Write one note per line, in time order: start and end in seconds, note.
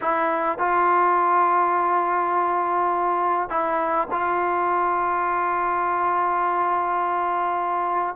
0.01 0.58 E4
0.58 3.49 F4
3.50 4.08 E4
4.11 8.15 F4